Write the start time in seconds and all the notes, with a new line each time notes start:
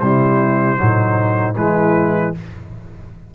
0.00 C3 G3 E4 C5
0.77 A2 F#3 D#4
1.56 E3 G#3 E4 B4